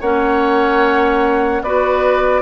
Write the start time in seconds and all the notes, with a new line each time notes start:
0.00 A#3 C#4 C#5 F#5
1.62 B3 F#4 B4 D5